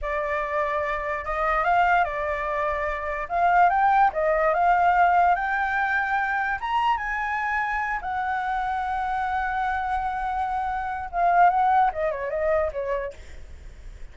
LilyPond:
\new Staff \with { instrumentName = "flute" } { \time 4/4 \tempo 4 = 146 d''2. dis''4 | f''4 d''2. | f''4 g''4 dis''4 f''4~ | f''4 g''2. |
ais''4 gis''2~ gis''8 fis''8~ | fis''1~ | fis''2. f''4 | fis''4 dis''8 cis''8 dis''4 cis''4 | }